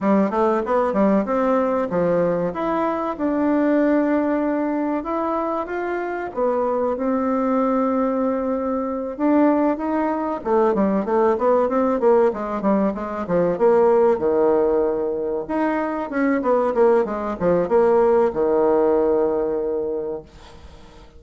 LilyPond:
\new Staff \with { instrumentName = "bassoon" } { \time 4/4 \tempo 4 = 95 g8 a8 b8 g8 c'4 f4 | e'4 d'2. | e'4 f'4 b4 c'4~ | c'2~ c'8 d'4 dis'8~ |
dis'8 a8 g8 a8 b8 c'8 ais8 gis8 | g8 gis8 f8 ais4 dis4.~ | dis8 dis'4 cis'8 b8 ais8 gis8 f8 | ais4 dis2. | }